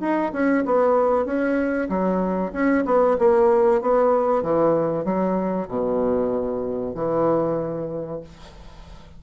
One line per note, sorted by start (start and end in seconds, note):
0.00 0.32 D#4
0.32 0.64 C#4
0.65 1.25 B3
1.25 1.88 C#4
1.89 2.52 F#3
2.52 2.84 C#4
2.85 3.17 B3
3.19 3.81 A#3
3.81 4.42 B3
4.42 5.04 E3
5.04 5.68 F#3
5.68 6.94 B2
6.94 8.20 E3